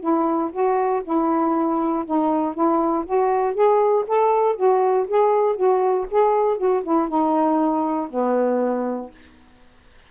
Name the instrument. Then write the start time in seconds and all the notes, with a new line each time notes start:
saxophone
0.00 E4
0.52 F#4
1.04 E4
2.06 D#4
2.54 E4
3.05 F#4
3.54 G#4
4.07 A4
4.56 F#4
5.08 G#4
5.56 F#4
6.11 G#4
6.58 F#4
6.83 E4
7.08 D#4
8.10 B3